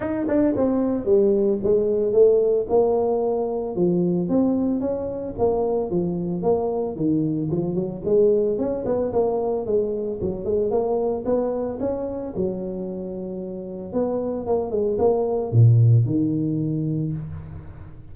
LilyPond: \new Staff \with { instrumentName = "tuba" } { \time 4/4 \tempo 4 = 112 dis'8 d'8 c'4 g4 gis4 | a4 ais2 f4 | c'4 cis'4 ais4 f4 | ais4 dis4 f8 fis8 gis4 |
cis'8 b8 ais4 gis4 fis8 gis8 | ais4 b4 cis'4 fis4~ | fis2 b4 ais8 gis8 | ais4 ais,4 dis2 | }